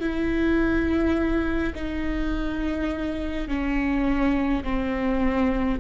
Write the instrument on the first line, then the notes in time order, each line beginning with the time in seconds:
viola
0.00 E4
1.75 D#4
3.48 C#4
4.64 C4